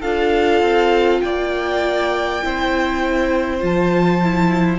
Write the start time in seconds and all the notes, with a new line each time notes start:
0.00 D4 F4 A4 F5
0.61 C4
1.21 A#3 D5 G5
2.43 C4 E4 C5
3.61 F3 F4 A5
4.24 E4